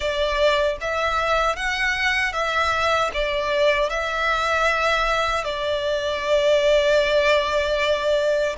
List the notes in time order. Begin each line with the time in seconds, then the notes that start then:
0.00 D5
0.80 E5
1.56 F#5
2.32 E5
3.13 D5
3.89 E5
5.44 D5